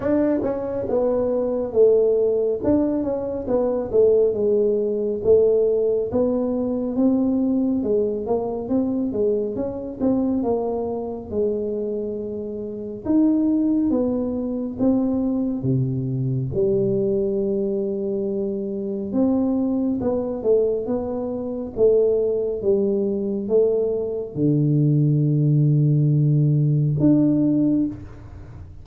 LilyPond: \new Staff \with { instrumentName = "tuba" } { \time 4/4 \tempo 4 = 69 d'8 cis'8 b4 a4 d'8 cis'8 | b8 a8 gis4 a4 b4 | c'4 gis8 ais8 c'8 gis8 cis'8 c'8 | ais4 gis2 dis'4 |
b4 c'4 c4 g4~ | g2 c'4 b8 a8 | b4 a4 g4 a4 | d2. d'4 | }